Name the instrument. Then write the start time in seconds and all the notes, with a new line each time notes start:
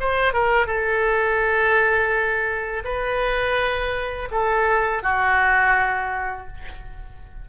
oboe
0.00 C5
0.33 A#4
0.66 A4
2.84 B4
4.31 A4
5.03 F#4